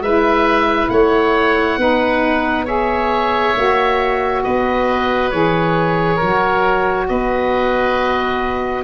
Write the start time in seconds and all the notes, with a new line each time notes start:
0.00 G#3 E4 B4 E5
0.89 A3 C#5 F#5
1.77 B3 D#4 B4
2.65 G#4 C#5 E5
3.55 A#3 F#4
4.43 B3 B4 D#5
5.30 E3 G#4 C#5
6.16 F#3 F#4 A#4
7.08 B3 B4 D#5